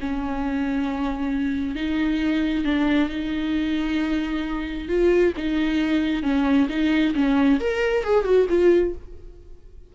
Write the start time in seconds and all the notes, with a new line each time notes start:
0.00 C#4
1.75 D#4
2.64 D4
3.09 D#4
4.88 F4
5.36 D#4
6.23 C#4
6.69 D#4
7.14 C#4
7.60 A#4
8.03 G#4
8.24 F#4
8.49 F4